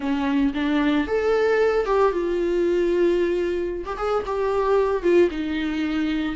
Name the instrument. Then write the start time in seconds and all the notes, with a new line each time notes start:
viola
0.00 C#4
0.54 D4
1.07 A4
1.85 G4
2.11 F4
3.85 G4
3.97 G#4
4.26 G4
5.02 F4
5.30 D#4